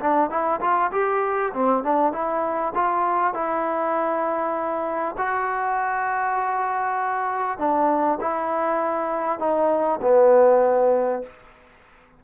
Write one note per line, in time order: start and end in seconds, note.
0.00 0.30 D4
0.30 0.60 E4
0.61 0.91 F4
0.92 1.52 G4
1.53 1.83 C4
1.84 2.13 D4
2.13 2.73 E4
2.75 3.34 F4
3.34 5.16 E4
5.18 7.58 F#4
7.58 8.19 D4
8.21 9.39 E4
9.39 10.00 D#4
10.01 11.23 B3